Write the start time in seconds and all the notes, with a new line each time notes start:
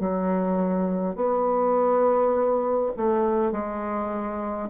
0.00 F#3
1.16 B3
2.97 A3
3.52 G#3